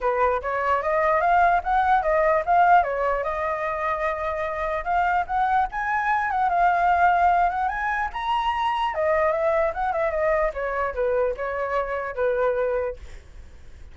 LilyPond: \new Staff \with { instrumentName = "flute" } { \time 4/4 \tempo 4 = 148 b'4 cis''4 dis''4 f''4 | fis''4 dis''4 f''4 cis''4 | dis''1 | f''4 fis''4 gis''4. fis''8 |
f''2~ f''8 fis''8 gis''4 | ais''2 dis''4 e''4 | fis''8 e''8 dis''4 cis''4 b'4 | cis''2 b'2 | }